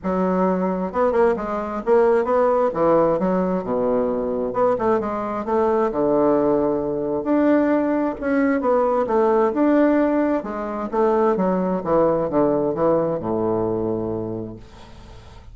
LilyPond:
\new Staff \with { instrumentName = "bassoon" } { \time 4/4 \tempo 4 = 132 fis2 b8 ais8 gis4 | ais4 b4 e4 fis4 | b,2 b8 a8 gis4 | a4 d2. |
d'2 cis'4 b4 | a4 d'2 gis4 | a4 fis4 e4 d4 | e4 a,2. | }